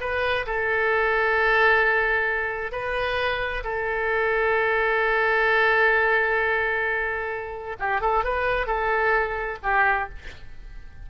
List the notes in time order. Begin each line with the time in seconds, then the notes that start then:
0.00 B4
0.46 A4
2.72 B4
3.64 A4
7.79 G4
8.01 A4
8.24 B4
8.67 A4
9.63 G4